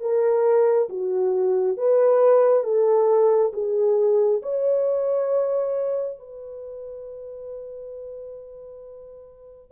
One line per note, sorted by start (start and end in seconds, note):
0.00 0.88 A#4
0.89 1.77 F#4
1.77 2.63 B4
2.63 3.51 A4
3.53 4.41 G#4
4.42 6.18 C#5
6.18 9.71 B4